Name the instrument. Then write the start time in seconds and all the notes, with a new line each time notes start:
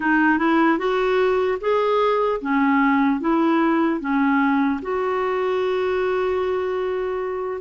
clarinet
0.00 D#4
0.38 E4
0.78 F#4
1.60 G#4
2.41 C#4
3.20 E4
4.00 C#4
4.82 F#4